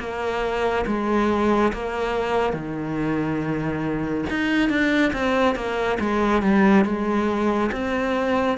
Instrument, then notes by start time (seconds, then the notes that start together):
cello
0.00 A#3
0.87 G#3
1.73 A#3
2.53 D#3
4.30 D#4
4.70 D4
5.13 C4
5.56 A#3
6.00 G#3
6.43 G3
6.85 G#3
7.72 C4